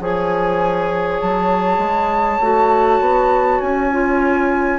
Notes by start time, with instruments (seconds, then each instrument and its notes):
0.00 bassoon F3, clarinet G#4, oboe C#5, flute G#5
1.21 bassoon F#3, flute A5
1.78 bassoon G#3
2.41 bassoon A3, clarinet F#4
3.00 bassoon B3
3.61 bassoon C#4, flute G#5
3.92 clarinet F4